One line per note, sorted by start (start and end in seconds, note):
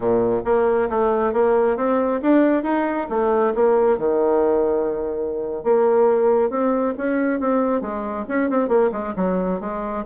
0.00 0.42 A#2
0.44 0.88 A#3
0.89 1.33 A3
1.33 1.76 A#3
1.76 2.20 C4
2.22 2.63 D4
2.63 3.07 D#4
3.09 3.53 A3
3.54 3.98 A#3
3.98 5.63 D#3
5.63 6.50 A#3
6.50 6.94 C4
6.97 7.40 C#4
7.40 7.81 C4
7.81 8.25 G#3
8.28 8.50 C#4
8.50 8.68 C4
8.68 8.90 A#3
8.92 9.14 G#3
9.16 9.60 F#3
9.60 10.04 G#3